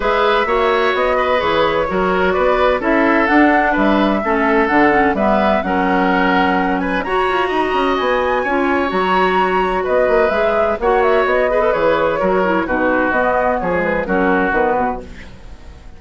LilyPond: <<
  \new Staff \with { instrumentName = "flute" } { \time 4/4 \tempo 4 = 128 e''2 dis''4 cis''4~ | cis''4 d''4 e''4 fis''4 | e''2 fis''4 e''4 | fis''2~ fis''8 gis''8 ais''4~ |
ais''4 gis''2 ais''4~ | ais''4 dis''4 e''4 fis''8 e''8 | dis''4 cis''2 b'4 | dis''4 cis''8 b'8 ais'4 b'4 | }
  \new Staff \with { instrumentName = "oboe" } { \time 4/4 b'4 cis''4. b'4. | ais'4 b'4 a'2 | b'4 a'2 b'4 | ais'2~ ais'8 b'8 cis''4 |
dis''2 cis''2~ | cis''4 b'2 cis''4~ | cis''8 b'4. ais'4 fis'4~ | fis'4 gis'4 fis'2 | }
  \new Staff \with { instrumentName = "clarinet" } { \time 4/4 gis'4 fis'2 gis'4 | fis'2 e'4 d'4~ | d'4 cis'4 d'8 cis'8 b4 | cis'2. fis'4~ |
fis'2 f'4 fis'4~ | fis'2 gis'4 fis'4~ | fis'8 gis'16 a'16 gis'4 fis'8 e'8 dis'4 | b4~ b16 gis8. cis'4 b4 | }
  \new Staff \with { instrumentName = "bassoon" } { \time 4/4 gis4 ais4 b4 e4 | fis4 b4 cis'4 d'4 | g4 a4 d4 g4 | fis2. fis'8 f'8 |
dis'8 cis'8 b4 cis'4 fis4~ | fis4 b8 ais8 gis4 ais4 | b4 e4 fis4 b,4 | b4 f4 fis4 dis8 b,8 | }
>>